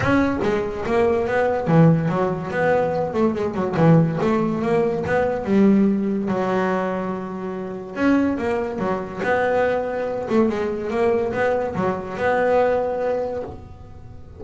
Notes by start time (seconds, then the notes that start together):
0.00 C#4
0.43 G#3
0.86 A#3
1.27 B3
1.67 E3
2.09 F#3
2.50 B3
3.13 A3
3.34 G#3
3.54 F#3
3.76 E3
4.21 A3
4.62 A#3
5.06 B3
5.44 G3
6.28 F#3
7.95 C#4
8.38 A#3
8.79 F#3
9.23 B3
10.29 A3
10.49 G#3
10.90 A#3
11.32 B3
11.75 F#3
12.17 B3